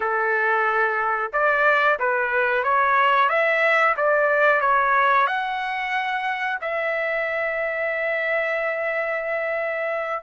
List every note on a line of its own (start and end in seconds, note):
0.00 1.31 A4
1.32 1.98 D5
1.99 2.63 B4
2.63 3.29 C#5
3.29 3.95 E5
3.97 4.60 D5
4.60 5.26 C#5
5.27 6.58 F#5
6.61 10.23 E5